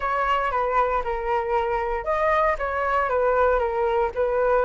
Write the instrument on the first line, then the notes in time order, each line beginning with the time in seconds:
flute
0.00 C#5
0.51 B4
1.03 A#4
2.04 D#5
2.58 C#5
3.09 B4
3.59 A#4
4.14 B4